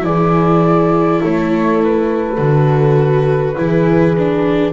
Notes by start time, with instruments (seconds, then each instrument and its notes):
0.00 double bass E3, viola E4, horn G#4, flute D5
1.21 double bass A3, horn A4, flute C#5
1.83 flute B4
2.38 double bass D3, viola F#4
3.56 double bass E3, viola E4, horn G#4
4.18 viola D4